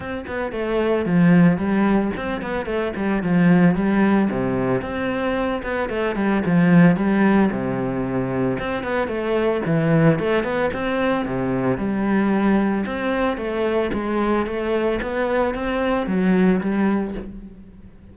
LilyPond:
\new Staff \with { instrumentName = "cello" } { \time 4/4 \tempo 4 = 112 c'8 b8 a4 f4 g4 | c'8 b8 a8 g8 f4 g4 | c4 c'4. b8 a8 g8 | f4 g4 c2 |
c'8 b8 a4 e4 a8 b8 | c'4 c4 g2 | c'4 a4 gis4 a4 | b4 c'4 fis4 g4 | }